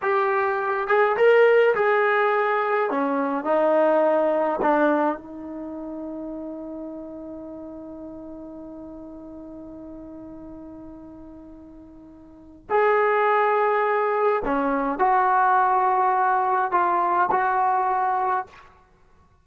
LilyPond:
\new Staff \with { instrumentName = "trombone" } { \time 4/4 \tempo 4 = 104 g'4. gis'8 ais'4 gis'4~ | gis'4 cis'4 dis'2 | d'4 dis'2.~ | dis'1~ |
dis'1~ | dis'2 gis'2~ | gis'4 cis'4 fis'2~ | fis'4 f'4 fis'2 | }